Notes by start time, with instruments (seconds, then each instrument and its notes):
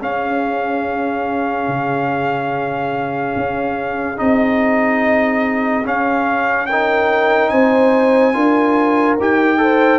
0.00 trombone C#4, tuba C#4, horn G#4, trumpet F5
1.68 tuba C#3
3.36 tuba C#4
4.17 tuba C4, trombone D#4, trumpet D#5
5.85 tuba C#4, trombone C#4, trumpet F5
6.66 trombone D#4, horn A#4, trumpet G5
7.49 tuba C4, horn C5, trumpet G#5
8.34 tuba D4, trombone F4, horn A#4
9.19 tuba D#4, trombone G4, trumpet G5
9.58 trombone A4, horn C5